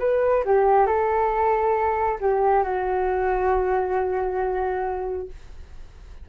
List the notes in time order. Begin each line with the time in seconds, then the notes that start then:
0.00 B4
0.45 G4
0.87 A4
2.21 G4
2.64 F#4